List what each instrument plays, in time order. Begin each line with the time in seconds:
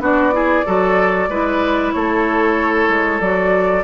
0.00 bassoon B3, clarinet D4, oboe F#4, flute D5
0.33 clarinet E4, oboe G#4
0.66 bassoon F#3, clarinet F#4, oboe A4
1.29 bassoon G#3, clarinet E4, oboe B4
1.93 bassoon A3, oboe A4, flute C#5
2.89 bassoon G#3
3.21 bassoon F#3, clarinet F#4, flute D5